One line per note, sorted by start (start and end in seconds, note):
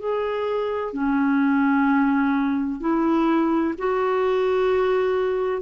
0.00 0.93 G#4
0.93 2.81 C#4
2.81 3.75 E4
3.78 5.62 F#4